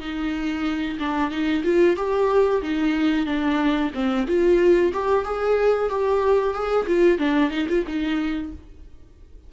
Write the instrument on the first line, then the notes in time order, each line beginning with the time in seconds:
viola
0.00 D#4
0.99 D4
1.31 D#4
1.64 F4
1.97 G4
2.62 D#4
3.26 D4
3.94 C4
4.27 F4
4.93 G4
5.25 G#4
5.89 G4
6.54 G#4
6.87 F4
7.19 D4
7.51 D#4
7.69 F4
7.87 D#4